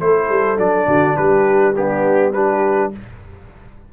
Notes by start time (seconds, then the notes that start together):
0.00 A3 E4 A4 C5
0.29 G3
0.57 F#3 D4 D5
0.87 D3 F#4
1.16 G3 G4 B4
1.76 B3 D4 G4
2.33 D4 G4 B4